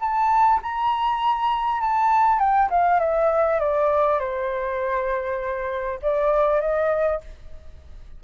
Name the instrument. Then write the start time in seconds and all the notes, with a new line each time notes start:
flute
0.00 A5
0.62 A#5
1.81 A5
2.39 G5
2.70 F5
2.99 E5
3.60 D5
4.20 C5
6.02 D5
6.61 D#5